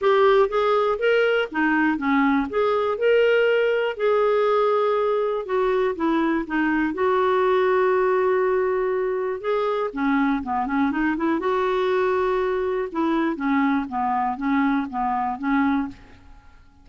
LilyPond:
\new Staff \with { instrumentName = "clarinet" } { \time 4/4 \tempo 4 = 121 g'4 gis'4 ais'4 dis'4 | cis'4 gis'4 ais'2 | gis'2. fis'4 | e'4 dis'4 fis'2~ |
fis'2. gis'4 | cis'4 b8 cis'8 dis'8 e'8 fis'4~ | fis'2 e'4 cis'4 | b4 cis'4 b4 cis'4 | }